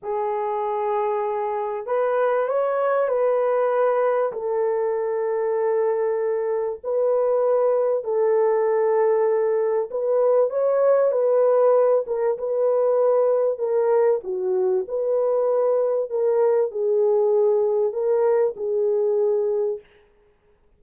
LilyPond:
\new Staff \with { instrumentName = "horn" } { \time 4/4 \tempo 4 = 97 gis'2. b'4 | cis''4 b'2 a'4~ | a'2. b'4~ | b'4 a'2. |
b'4 cis''4 b'4. ais'8 | b'2 ais'4 fis'4 | b'2 ais'4 gis'4~ | gis'4 ais'4 gis'2 | }